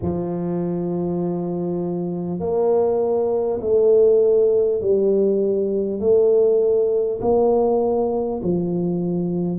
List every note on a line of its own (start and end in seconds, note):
0.02 2.39 F3
2.39 3.59 A#3
3.61 4.81 A3
4.81 6.00 G3
6.00 7.20 A3
7.21 8.41 A#3
8.43 9.58 F3